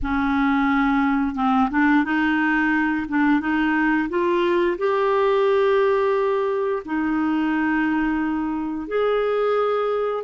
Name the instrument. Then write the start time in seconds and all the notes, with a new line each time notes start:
clarinet
0.02 C#4
1.35 C4
1.70 D4
2.04 D#4
3.08 D4
3.40 D#4
4.09 F4
4.78 G4
6.85 D#4
8.87 G#4